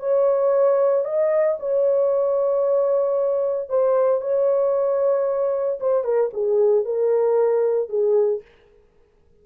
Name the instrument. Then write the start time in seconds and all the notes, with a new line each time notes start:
horn
0.00 C#5
1.05 D#5
1.60 C#5
3.69 C5
4.21 C#5
5.80 C5
6.04 A#4
6.33 G#4
6.85 A#4
7.89 G#4